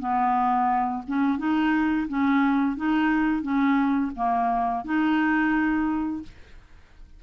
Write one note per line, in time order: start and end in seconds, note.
0.00 1.03 B3
1.08 1.39 C#4
1.39 2.08 D#4
2.08 2.77 C#4
2.77 3.43 D#4
3.43 4.12 C#4
4.16 4.85 A#3
4.85 6.23 D#4